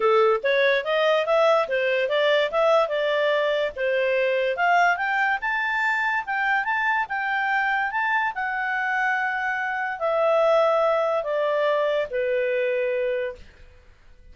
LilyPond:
\new Staff \with { instrumentName = "clarinet" } { \time 4/4 \tempo 4 = 144 a'4 cis''4 dis''4 e''4 | c''4 d''4 e''4 d''4~ | d''4 c''2 f''4 | g''4 a''2 g''4 |
a''4 g''2 a''4 | fis''1 | e''2. d''4~ | d''4 b'2. | }